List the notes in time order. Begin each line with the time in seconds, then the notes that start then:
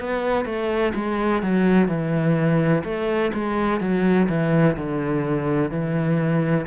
0.00 B3
0.45 A3
0.95 G#3
1.43 F#3
1.88 E3
2.84 A3
3.33 G#3
3.81 F#3
4.29 E3
4.77 D3
5.71 E3